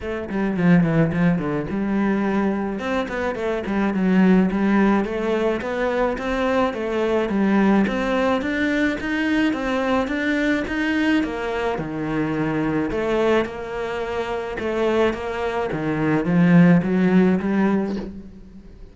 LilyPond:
\new Staff \with { instrumentName = "cello" } { \time 4/4 \tempo 4 = 107 a8 g8 f8 e8 f8 d8 g4~ | g4 c'8 b8 a8 g8 fis4 | g4 a4 b4 c'4 | a4 g4 c'4 d'4 |
dis'4 c'4 d'4 dis'4 | ais4 dis2 a4 | ais2 a4 ais4 | dis4 f4 fis4 g4 | }